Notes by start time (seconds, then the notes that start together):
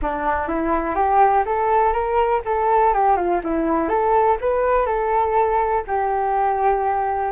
0.01 D4
0.48 E4
0.95 G4
1.45 A4
1.93 A#4
2.45 A4
2.93 G4
3.16 F4
3.43 E4
3.88 A4
4.41 B4
4.86 A4
5.87 G4